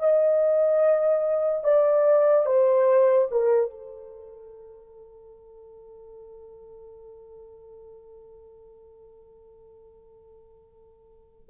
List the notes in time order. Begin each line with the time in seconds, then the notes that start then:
0.00 D#5
1.64 D5
2.47 C5
3.31 A#4
3.71 A4